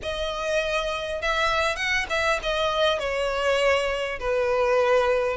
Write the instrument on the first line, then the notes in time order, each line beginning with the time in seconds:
violin
0.02 D#5
1.21 E5
1.76 F#5
2.09 E5
2.42 D#5
2.99 C#5
4.19 B4